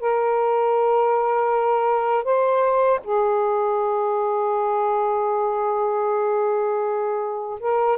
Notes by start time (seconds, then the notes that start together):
0.00 A#4
2.25 C5
3.04 G#4
7.60 A#4